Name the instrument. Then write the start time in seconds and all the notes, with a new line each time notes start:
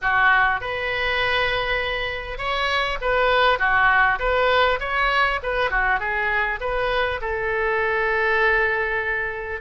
oboe
0.01 F#4
0.60 B4
2.38 C#5
3.01 B4
3.58 F#4
4.19 B4
4.80 C#5
5.42 B4
5.70 F#4
5.99 G#4
6.60 B4
7.21 A4